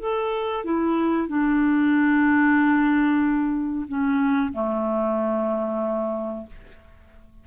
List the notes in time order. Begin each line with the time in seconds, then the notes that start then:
0.00 A4
0.65 E4
1.28 D4
3.88 C#4
4.53 A3